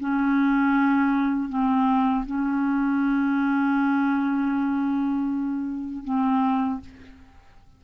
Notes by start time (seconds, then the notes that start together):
0.00 C#4
1.49 C4
2.26 C#4
6.04 C4